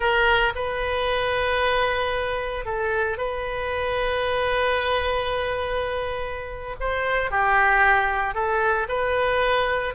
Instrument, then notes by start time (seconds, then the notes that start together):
oboe
0.00 A#4
0.55 B4
2.65 A4
3.17 B4
6.80 C5
7.31 G4
8.34 A4
8.88 B4